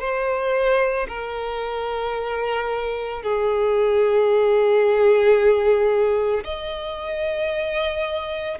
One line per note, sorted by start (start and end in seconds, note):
0.00 1.07 C5
1.08 3.22 A#4
3.22 6.44 G#4
6.44 8.58 D#5